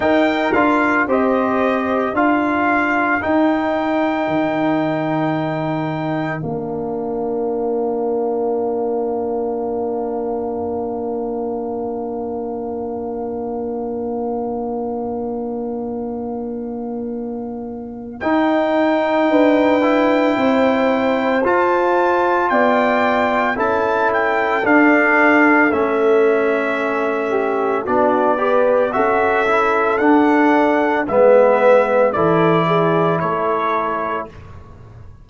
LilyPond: <<
  \new Staff \with { instrumentName = "trumpet" } { \time 4/4 \tempo 4 = 56 g''8 f''8 dis''4 f''4 g''4~ | g''2 f''2~ | f''1~ | f''1~ |
f''4 g''2. | a''4 g''4 a''8 g''8 f''4 | e''2 d''4 e''4 | fis''4 e''4 d''4 cis''4 | }
  \new Staff \with { instrumentName = "horn" } { \time 4/4 ais'4 c''4 ais'2~ | ais'1~ | ais'1~ | ais'1~ |
ais'2 b'4 c''4~ | c''4 d''4 a'2~ | a'4. g'8 fis'8 b'8 a'4~ | a'4 b'4 a'8 gis'8 a'4 | }
  \new Staff \with { instrumentName = "trombone" } { \time 4/4 dis'8 f'8 g'4 f'4 dis'4~ | dis'2 d'2~ | d'1~ | d'1~ |
d'4 dis'4. e'4. | f'2 e'4 d'4 | cis'2 d'8 g'8 fis'8 e'8 | d'4 b4 e'2 | }
  \new Staff \with { instrumentName = "tuba" } { \time 4/4 dis'8 d'8 c'4 d'4 dis'4 | dis2 ais2~ | ais1~ | ais1~ |
ais4 dis'4 d'4 c'4 | f'4 b4 cis'4 d'4 | a2 b4 cis'4 | d'4 gis4 e4 a4 | }
>>